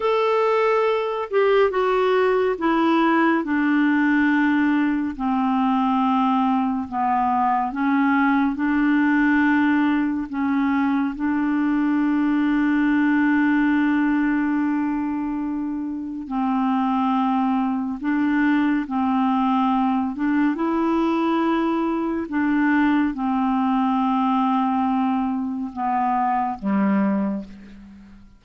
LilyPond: \new Staff \with { instrumentName = "clarinet" } { \time 4/4 \tempo 4 = 70 a'4. g'8 fis'4 e'4 | d'2 c'2 | b4 cis'4 d'2 | cis'4 d'2.~ |
d'2. c'4~ | c'4 d'4 c'4. d'8 | e'2 d'4 c'4~ | c'2 b4 g4 | }